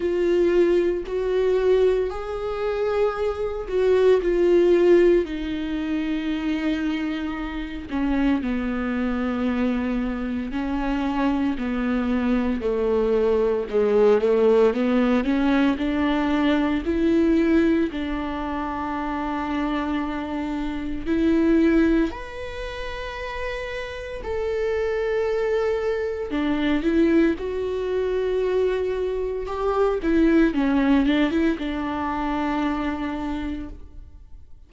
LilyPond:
\new Staff \with { instrumentName = "viola" } { \time 4/4 \tempo 4 = 57 f'4 fis'4 gis'4. fis'8 | f'4 dis'2~ dis'8 cis'8 | b2 cis'4 b4 | a4 gis8 a8 b8 cis'8 d'4 |
e'4 d'2. | e'4 b'2 a'4~ | a'4 d'8 e'8 fis'2 | g'8 e'8 cis'8 d'16 e'16 d'2 | }